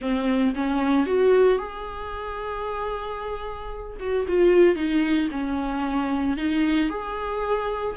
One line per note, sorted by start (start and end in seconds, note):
0.01 0.54 C4
0.54 1.06 C#4
1.06 1.58 F#4
1.58 3.97 G#4
3.99 4.26 F#4
4.28 4.75 F4
4.75 5.28 D#4
5.31 6.37 C#4
6.37 6.89 D#4
6.89 7.95 G#4